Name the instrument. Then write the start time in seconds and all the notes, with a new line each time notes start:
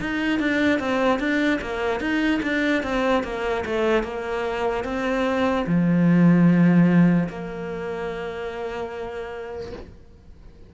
cello
0.00 D#4
0.39 D4
0.79 C4
1.19 D4
1.61 A#3
2.00 D#4
2.42 D4
2.83 C4
3.23 A#3
3.65 A3
4.03 A#3
4.84 C4
5.66 F3
7.29 A#3